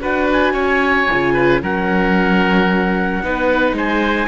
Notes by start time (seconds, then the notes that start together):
0.00 D4 F#4 B4 F#5
0.31 G#5
0.53 C#4 C#5
1.10 C#3 F4
1.33 B4
1.62 F#3 C#4 A#4 F#5
3.23 B3 D#4 B4
3.72 G#3 C5 G#5